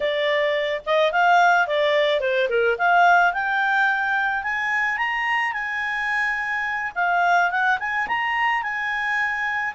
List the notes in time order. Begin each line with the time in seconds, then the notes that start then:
0.00 D5
0.86 D#5
1.11 F5
1.67 D5
2.20 C5
2.49 A#4
2.78 F5
3.33 G5
4.43 G#5
4.97 A#5
5.53 G#5
6.95 F5
7.50 F#5
7.79 G#5
8.07 A#5
8.63 G#5